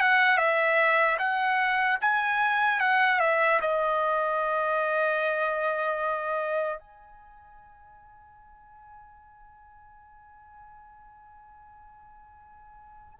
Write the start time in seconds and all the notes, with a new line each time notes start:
0.00 F#5
0.37 E5
1.18 F#5
2.01 G#5
2.80 F#5
3.20 E5
3.61 D#5
6.79 G#5